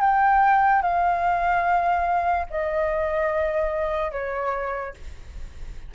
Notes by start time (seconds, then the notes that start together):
0.00 G5
0.82 F5
2.50 D#5
4.11 C#5